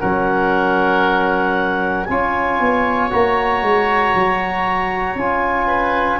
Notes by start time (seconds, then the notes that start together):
0.00 F#3 C#4 A#4 F#5
2.05 C#4 F4 C#5 G#5
2.60 B3
3.10 A#3 F#4 A#5
3.62 G#3
4.15 F#3
5.15 C#4 F4 G#5
5.67 B4